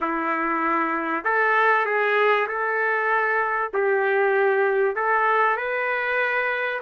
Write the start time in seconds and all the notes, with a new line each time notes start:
0.00 E4
1.24 A4
1.85 G#4
2.47 A4
3.73 G4
4.95 A4
5.56 B4